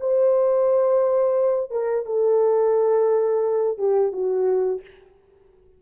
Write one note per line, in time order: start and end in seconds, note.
0.00 1.71 C5
1.71 2.05 A#4
2.05 3.78 A4
3.78 4.12 G4
4.12 4.81 F#4